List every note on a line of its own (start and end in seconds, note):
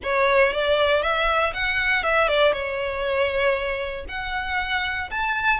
0.03 0.52 C#5
0.52 1.02 D5
1.02 1.53 E5
1.53 2.03 F#5
2.03 2.28 E5
2.28 2.52 D5
2.52 4.05 C#5
4.08 5.10 F#5
5.10 5.60 A5